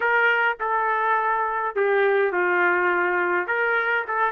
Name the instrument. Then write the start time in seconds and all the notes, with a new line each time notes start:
trumpet
0.00 A#4
0.60 A4
1.75 G4
2.32 F4
3.47 A#4
4.07 A4